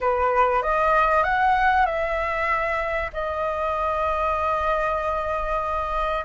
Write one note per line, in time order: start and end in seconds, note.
0.01 0.62 B4
0.62 1.23 D#5
1.23 1.86 F#5
1.86 3.11 E5
3.13 6.24 D#5